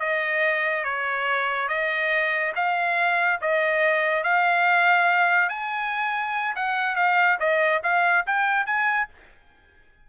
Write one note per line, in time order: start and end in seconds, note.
0.00 0.85 D#5
0.85 1.69 C#5
1.69 2.53 D#5
2.56 3.41 F5
3.42 4.24 D#5
4.24 5.50 F5
5.50 6.55 G#5
6.56 6.96 F#5
6.96 7.38 F5
7.40 7.82 D#5
7.84 8.26 F5
8.27 8.67 G5
8.67 9.09 G#5